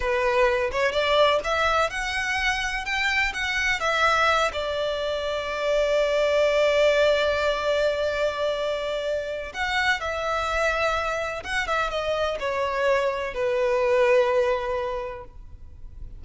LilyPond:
\new Staff \with { instrumentName = "violin" } { \time 4/4 \tempo 4 = 126 b'4. cis''8 d''4 e''4 | fis''2 g''4 fis''4 | e''4. d''2~ d''8~ | d''1~ |
d''1 | fis''4 e''2. | fis''8 e''8 dis''4 cis''2 | b'1 | }